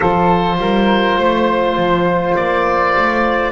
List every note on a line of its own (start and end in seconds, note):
0.00 0.58 F3
0.00 3.51 F4
0.00 0.56 A4
0.00 2.35 C5
0.58 1.16 G3
0.58 1.19 A#4
1.17 1.76 A3
1.17 3.51 C5
1.76 2.35 F3
2.35 2.96 A#3
2.35 3.51 D5
2.96 3.51 A3